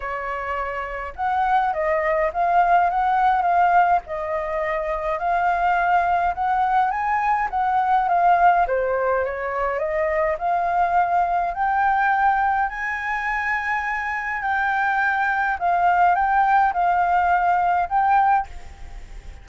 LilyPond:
\new Staff \with { instrumentName = "flute" } { \time 4/4 \tempo 4 = 104 cis''2 fis''4 dis''4 | f''4 fis''4 f''4 dis''4~ | dis''4 f''2 fis''4 | gis''4 fis''4 f''4 c''4 |
cis''4 dis''4 f''2 | g''2 gis''2~ | gis''4 g''2 f''4 | g''4 f''2 g''4 | }